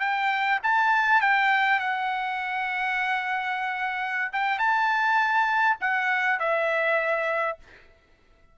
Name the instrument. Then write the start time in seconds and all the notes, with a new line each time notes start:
trumpet
0.00 G5
0.63 A5
1.21 G5
1.80 F#5
4.33 G5
4.59 A5
5.81 F#5
6.40 E5